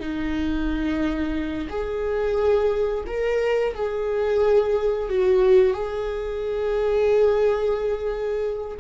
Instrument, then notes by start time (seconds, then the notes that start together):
viola
0.00 D#4
1.69 G#4
3.06 A#4
3.74 G#4
5.09 F#4
5.74 G#4